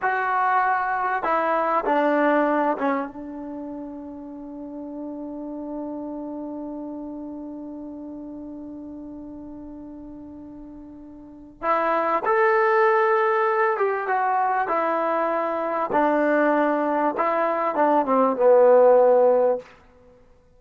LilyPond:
\new Staff \with { instrumentName = "trombone" } { \time 4/4 \tempo 4 = 98 fis'2 e'4 d'4~ | d'8 cis'8 d'2.~ | d'1~ | d'1~ |
d'2. e'4 | a'2~ a'8 g'8 fis'4 | e'2 d'2 | e'4 d'8 c'8 b2 | }